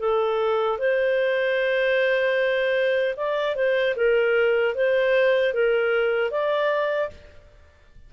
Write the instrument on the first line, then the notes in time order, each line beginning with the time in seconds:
clarinet
0.00 A4
0.79 C5
3.17 D5
3.56 C5
3.97 A#4
4.75 C5
5.54 A#4
6.31 D5